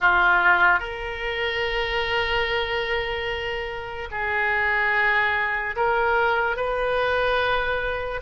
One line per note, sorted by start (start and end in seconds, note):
0.00 0.79 F4
0.79 4.08 A#4
4.11 5.75 G#4
5.76 6.56 A#4
6.56 8.20 B4